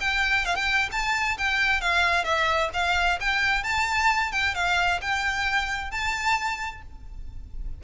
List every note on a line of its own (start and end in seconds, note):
0.00 0.45 G5
0.45 0.55 F5
0.55 0.89 G5
0.92 1.37 A5
1.37 1.81 G5
1.81 2.24 F5
2.24 2.69 E5
2.73 3.19 F5
3.20 3.63 G5
3.63 4.31 A5
4.32 4.54 G5
4.54 5.00 F5
5.01 5.91 G5
5.91 6.82 A5